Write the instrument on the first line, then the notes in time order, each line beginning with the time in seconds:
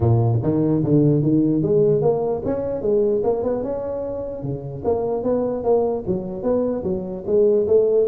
tuba
0.00 A#2
0.42 D#3
0.83 D3
1.22 D#3
1.62 G#3
2.01 A#3
2.45 C#4
2.81 G#3
3.23 A#3
3.43 B3
3.63 C#4
4.42 C#3
4.84 A#3
5.23 B3
5.63 A#3
6.07 F#3
6.42 B3
6.83 F#3
7.26 G#3
7.67 A3